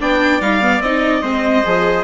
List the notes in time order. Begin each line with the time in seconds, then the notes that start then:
0.00 B3 D4 D5 G5
0.40 G3 D#4 F5
0.61 B3
0.80 C4 D#4 D#5
1.22 G#3 C4 C5
1.64 F3 G#4